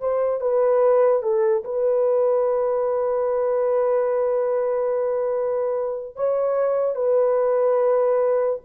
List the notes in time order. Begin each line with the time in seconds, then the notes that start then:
0.00 C5
0.40 B4
1.22 A4
1.64 B4
6.16 C#5
6.95 B4